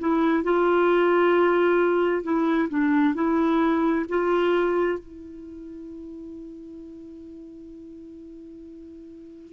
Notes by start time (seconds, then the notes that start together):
0.00 E4
0.44 F4
2.23 E4
2.69 D4
3.15 E4
4.09 F4
4.99 E4